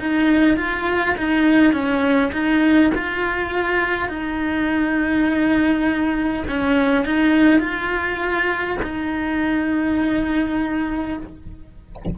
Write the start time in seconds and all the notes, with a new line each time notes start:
0.00 D#4
0.57 F4
1.18 D#4
1.73 C#4
2.33 D#4
2.95 F4
4.09 D#4
6.49 C#4
7.05 D#4
7.60 F4
8.83 D#4